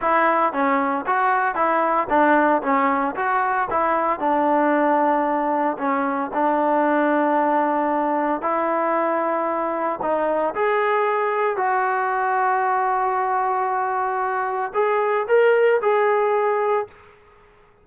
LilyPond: \new Staff \with { instrumentName = "trombone" } { \time 4/4 \tempo 4 = 114 e'4 cis'4 fis'4 e'4 | d'4 cis'4 fis'4 e'4 | d'2. cis'4 | d'1 |
e'2. dis'4 | gis'2 fis'2~ | fis'1 | gis'4 ais'4 gis'2 | }